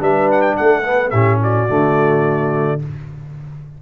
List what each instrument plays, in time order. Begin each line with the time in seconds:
0.00 tuba G3, trombone D4, horn B4, trumpet E5
0.32 trumpet F#5
0.42 trumpet G5
0.57 tuba A3, horn A4, trumpet F#5
0.84 trombone B3
1.11 tuba A2, trombone C#4, horn G4, trumpet E5
1.42 horn F#4, trumpet D5
1.69 tuba D3, trombone A3